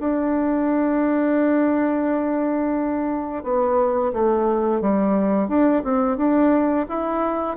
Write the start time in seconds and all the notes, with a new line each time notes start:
0.00 D4
3.43 B3
4.13 A3
4.81 G3
5.48 D4
5.84 C4
6.17 D4
6.89 E4